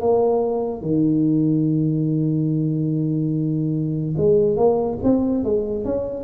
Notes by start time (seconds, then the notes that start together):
0.00 A#3
0.81 D#3
4.17 G#3
4.56 A#3
5.03 C4
5.44 G#3
5.84 C#4